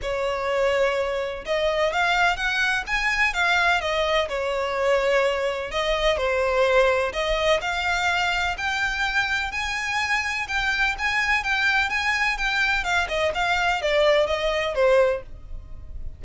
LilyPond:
\new Staff \with { instrumentName = "violin" } { \time 4/4 \tempo 4 = 126 cis''2. dis''4 | f''4 fis''4 gis''4 f''4 | dis''4 cis''2. | dis''4 c''2 dis''4 |
f''2 g''2 | gis''2 g''4 gis''4 | g''4 gis''4 g''4 f''8 dis''8 | f''4 d''4 dis''4 c''4 | }